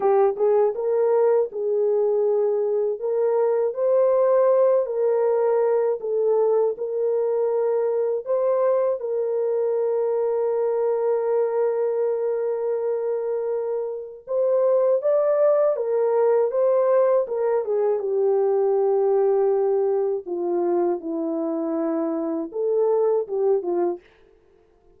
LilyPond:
\new Staff \with { instrumentName = "horn" } { \time 4/4 \tempo 4 = 80 g'8 gis'8 ais'4 gis'2 | ais'4 c''4. ais'4. | a'4 ais'2 c''4 | ais'1~ |
ais'2. c''4 | d''4 ais'4 c''4 ais'8 gis'8 | g'2. f'4 | e'2 a'4 g'8 f'8 | }